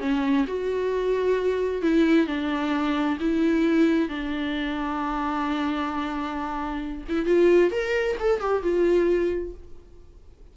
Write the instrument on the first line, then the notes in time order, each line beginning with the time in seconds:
viola
0.00 C#4
0.47 F#4
1.82 E4
2.27 D4
3.20 E4
4.08 D4
7.08 E4
7.25 F4
7.71 A#4
8.19 A4
8.40 G4
8.62 F4